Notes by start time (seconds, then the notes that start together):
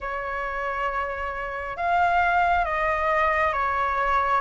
0.00 C#5
1.76 F5
2.65 D#5
3.53 C#5